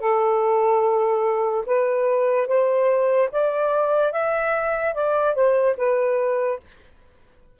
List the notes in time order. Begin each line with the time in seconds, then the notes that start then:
0.00 A4
1.67 B4
2.47 C5
3.32 D5
4.12 E5
4.95 D5
5.35 C5
5.78 B4